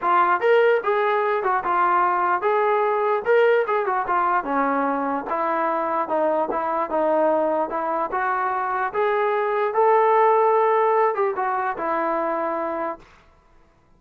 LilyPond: \new Staff \with { instrumentName = "trombone" } { \time 4/4 \tempo 4 = 148 f'4 ais'4 gis'4. fis'8 | f'2 gis'2 | ais'4 gis'8 fis'8 f'4 cis'4~ | cis'4 e'2 dis'4 |
e'4 dis'2 e'4 | fis'2 gis'2 | a'2.~ a'8 g'8 | fis'4 e'2. | }